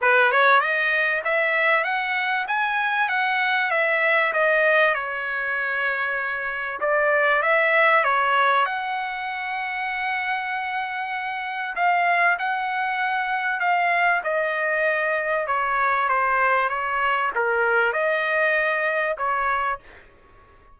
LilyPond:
\new Staff \with { instrumentName = "trumpet" } { \time 4/4 \tempo 4 = 97 b'8 cis''8 dis''4 e''4 fis''4 | gis''4 fis''4 e''4 dis''4 | cis''2. d''4 | e''4 cis''4 fis''2~ |
fis''2. f''4 | fis''2 f''4 dis''4~ | dis''4 cis''4 c''4 cis''4 | ais'4 dis''2 cis''4 | }